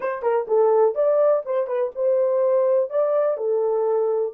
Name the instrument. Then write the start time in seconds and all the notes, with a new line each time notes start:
horn
0.00 C5
0.22 A#4
0.47 A4
0.94 D5
1.45 C5
1.67 B4
1.95 C5
2.89 D5
3.37 A4